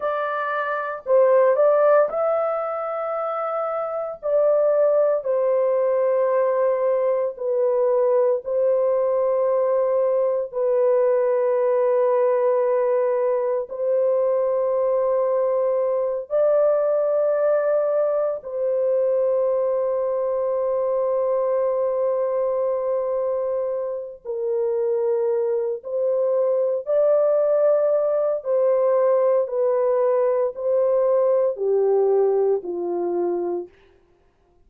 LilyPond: \new Staff \with { instrumentName = "horn" } { \time 4/4 \tempo 4 = 57 d''4 c''8 d''8 e''2 | d''4 c''2 b'4 | c''2 b'2~ | b'4 c''2~ c''8 d''8~ |
d''4. c''2~ c''8~ | c''2. ais'4~ | ais'8 c''4 d''4. c''4 | b'4 c''4 g'4 f'4 | }